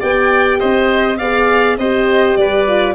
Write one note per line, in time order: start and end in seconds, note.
0.00 0.62 B3
0.00 1.18 G4
0.00 0.59 D5
0.00 0.60 G5
0.60 1.21 C4
0.60 1.19 C5
0.60 1.19 D#5
1.19 1.78 B3
1.19 1.80 G#4
1.19 1.78 D5
1.19 1.77 F5
1.78 2.36 C4
1.78 2.68 G4
1.78 2.39 C5
1.78 2.37 D#5
2.37 2.95 G3
2.37 2.95 B4
2.37 2.95 D5
2.68 2.95 F4